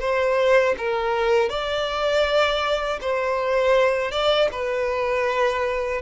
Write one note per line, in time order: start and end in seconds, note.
0.00 0.75 C5
0.78 1.49 A#4
1.49 2.99 D5
3.01 4.11 C5
4.11 4.49 D5
4.52 6.02 B4